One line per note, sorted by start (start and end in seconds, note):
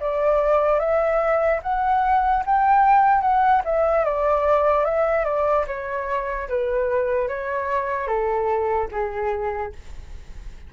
0.00 0.79 D5
0.79 1.60 E5
1.63 2.44 F#5
2.46 3.21 G5
3.21 3.62 F#5
3.64 4.04 E5
4.04 4.84 D5
4.84 5.24 E5
5.24 5.65 D5
5.67 6.48 C#5
6.49 7.28 B4
7.28 8.07 C#5
8.07 8.88 A4
8.92 9.73 G#4